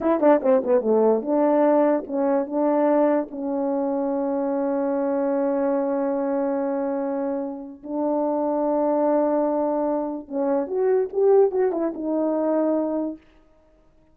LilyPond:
\new Staff \with { instrumentName = "horn" } { \time 4/4 \tempo 4 = 146 e'8 d'8 c'8 b8 a4 d'4~ | d'4 cis'4 d'2 | cis'1~ | cis'1~ |
cis'2. d'4~ | d'1~ | d'4 cis'4 fis'4 g'4 | fis'8 e'8 dis'2. | }